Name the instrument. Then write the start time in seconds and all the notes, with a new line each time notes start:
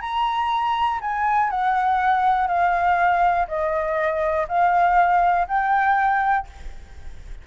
flute
0.00 A#5
1.00 G#5
1.50 F#5
2.47 F5
3.47 D#5
4.48 F5
5.47 G5